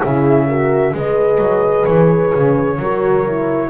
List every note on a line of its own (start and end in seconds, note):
0.00 0.94 C#3
0.00 0.48 E4
0.00 0.46 G#4
0.00 0.95 E5
0.48 0.94 F#4
0.48 0.94 A#4
0.94 1.38 G#3
0.94 2.79 G#4
0.94 2.79 B4
0.94 1.85 D#5
1.38 1.85 F#3
1.85 2.33 E3
1.85 3.70 C#5
2.35 2.79 C#3
2.79 3.70 F#3
2.79 3.27 F#4
2.79 3.70 A#4
3.27 3.70 E4